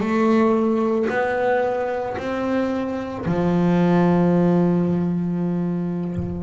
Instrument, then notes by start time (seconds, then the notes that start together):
double bass
0.00 A3
1.10 B3
2.17 C4
3.25 F3